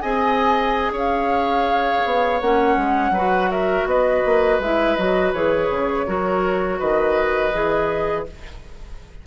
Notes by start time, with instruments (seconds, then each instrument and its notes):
0.00 bassoon C4, clarinet G#4, oboe D#5, flute G#5
0.91 bassoon C#4, oboe C#5, flute F5
2.05 bassoon B3
2.41 bassoon A#3, clarinet C#4, flute F#5
2.76 bassoon G#3
3.10 bassoon F#3, clarinet F#4, oboe B4
3.51 oboe A#4, flute E5
3.85 bassoon B3, oboe B4, flute D#5
4.25 bassoon A#3
4.59 bassoon G#3, clarinet E4, flute E5
4.95 bassoon F#3, clarinet F#4, flute D#5
5.32 bassoon E3, clarinet G#4, flute C#5
5.70 bassoon C#3
6.06 bassoon F#3, clarinet F#4, oboe A#4
6.79 bassoon D#3, oboe B4, flute D#5
7.53 bassoon E3, clarinet G#4